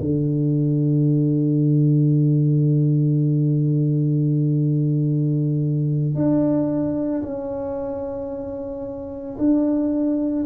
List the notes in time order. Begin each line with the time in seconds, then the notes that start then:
0.00 D3
6.15 D4
7.23 C#4
9.38 D4